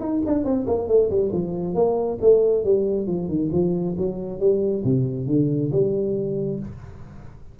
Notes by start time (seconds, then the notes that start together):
0.00 D#4
0.26 D4
0.44 C4
0.67 A#3
0.88 A3
1.10 G3
1.32 F3
1.74 A#3
2.21 A3
2.64 G3
3.07 F3
3.28 D#3
3.52 F3
3.98 F#3
4.40 G3
4.84 C3
5.27 D3
5.72 G3